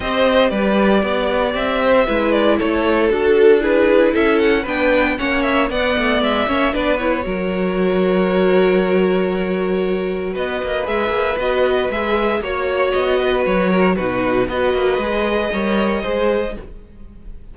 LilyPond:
<<
  \new Staff \with { instrumentName = "violin" } { \time 4/4 \tempo 4 = 116 dis''4 d''2 e''4~ | e''8 d''8 cis''4 a'4 b'4 | e''8 fis''8 g''4 fis''8 e''8 fis''4 | e''4 d''8 cis''2~ cis''8~ |
cis''1 | dis''4 e''4 dis''4 e''4 | cis''4 dis''4 cis''4 b'4 | dis''1 | }
  \new Staff \with { instrumentName = "violin" } { \time 4/4 c''4 b'4 d''4. c''8 | b'4 a'2 gis'4 | a'4 b'4 cis''4 d''4~ | d''8 cis''8 b'4 ais'2~ |
ais'1 | b'1 | cis''4. b'4 ais'8 fis'4 | b'2 cis''4 c''4 | }
  \new Staff \with { instrumentName = "viola" } { \time 4/4 g'1 | e'2 fis'4 e'4~ | e'4 d'4 cis'4 b4~ | b8 cis'8 d'8 e'8 fis'2~ |
fis'1~ | fis'4 gis'4 fis'4 gis'4 | fis'2. dis'4 | fis'4 gis'4 ais'4 gis'4 | }
  \new Staff \with { instrumentName = "cello" } { \time 4/4 c'4 g4 b4 c'4 | gis4 a4 d'2 | cis'4 b4 ais4 b8 a8 | gis8 ais8 b4 fis2~ |
fis1 | b8 ais8 gis8 ais8 b4 gis4 | ais4 b4 fis4 b,4 | b8 ais8 gis4 g4 gis4 | }
>>